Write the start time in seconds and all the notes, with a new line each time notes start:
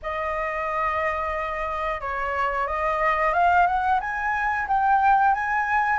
0.02 D#5
2.01 C#5
2.67 D#5
3.33 F5
3.66 F#5
4.00 G#5
4.67 G5
5.34 G#5